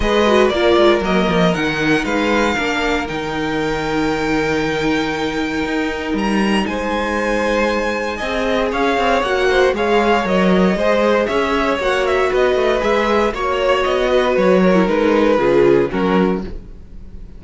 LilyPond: <<
  \new Staff \with { instrumentName = "violin" } { \time 4/4 \tempo 4 = 117 dis''4 d''4 dis''4 fis''4 | f''2 g''2~ | g''1 | ais''4 gis''2.~ |
gis''4 f''4 fis''4 f''4 | dis''2 e''4 fis''8 e''8 | dis''4 e''4 cis''4 dis''4 | cis''4 b'2 ais'4 | }
  \new Staff \with { instrumentName = "violin" } { \time 4/4 b'4 ais'2. | b'4 ais'2.~ | ais'1~ | ais'4 c''2. |
dis''4 cis''4. c''8 cis''4~ | cis''4 c''4 cis''2 | b'2 cis''4. b'8~ | b'8 ais'4. gis'4 fis'4 | }
  \new Staff \with { instrumentName = "viola" } { \time 4/4 gis'8 fis'8 f'4 ais4 dis'4~ | dis'4 d'4 dis'2~ | dis'1~ | dis'1 |
gis'2 fis'4 gis'4 | ais'4 gis'2 fis'4~ | fis'4 gis'4 fis'2~ | fis'8. e'16 dis'4 f'4 cis'4 | }
  \new Staff \with { instrumentName = "cello" } { \time 4/4 gis4 ais8 gis8 fis8 f8 dis4 | gis4 ais4 dis2~ | dis2. dis'4 | g4 gis2. |
c'4 cis'8 c'8 ais4 gis4 | fis4 gis4 cis'4 ais4 | b8 a8 gis4 ais4 b4 | fis4 gis4 cis4 fis4 | }
>>